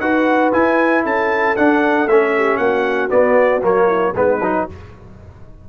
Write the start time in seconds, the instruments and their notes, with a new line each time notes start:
0.00 tuba D#4, trombone F#4, horn B4, trumpet F#5
0.53 trombone E4, tuba E4, trumpet G#5
1.03 tuba C#4, horn A4, trumpet A5
1.56 trombone D4, tuba D4, trumpet F#5
2.06 tuba A3, trombone C#4, trumpet E5
2.37 horn G4
2.57 tuba A#3, horn F#4, trumpet F#5
3.09 trombone B3, tuba B3, trumpet D5
3.63 tuba F#3, trombone A#3, trumpet C#5
3.87 horn E4
4.15 tuba G#3, trombone B3, horn D#4, trumpet B4
4.41 tuba F#3, trombone D#4